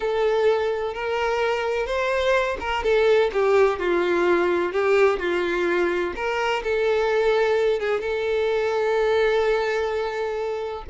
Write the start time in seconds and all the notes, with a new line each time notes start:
0.00 A4
0.94 A#4
1.86 C5
2.60 A#4
2.83 A4
3.32 G4
3.79 F4
4.72 G4
5.19 F4
6.15 A#4
6.63 A4
7.79 G#4
8.00 A4